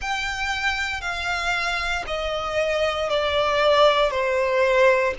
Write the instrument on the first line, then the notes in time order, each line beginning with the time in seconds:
violin
0.00 G5
1.01 F5
2.06 D#5
3.09 D5
4.11 C5